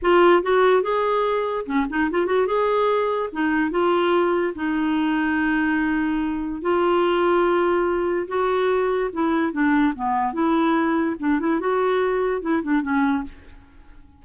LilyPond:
\new Staff \with { instrumentName = "clarinet" } { \time 4/4 \tempo 4 = 145 f'4 fis'4 gis'2 | cis'8 dis'8 f'8 fis'8 gis'2 | dis'4 f'2 dis'4~ | dis'1 |
f'1 | fis'2 e'4 d'4 | b4 e'2 d'8 e'8 | fis'2 e'8 d'8 cis'4 | }